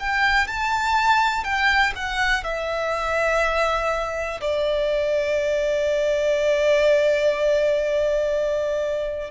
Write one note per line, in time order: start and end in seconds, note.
0.00 0.48 G5
0.48 1.44 A5
1.44 1.94 G5
1.96 2.44 F#5
2.44 4.41 E5
4.41 9.31 D5